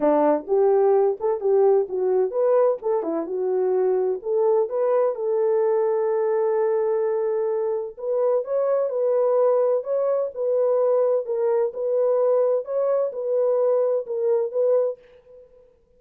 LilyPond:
\new Staff \with { instrumentName = "horn" } { \time 4/4 \tempo 4 = 128 d'4 g'4. a'8 g'4 | fis'4 b'4 a'8 e'8 fis'4~ | fis'4 a'4 b'4 a'4~ | a'1~ |
a'4 b'4 cis''4 b'4~ | b'4 cis''4 b'2 | ais'4 b'2 cis''4 | b'2 ais'4 b'4 | }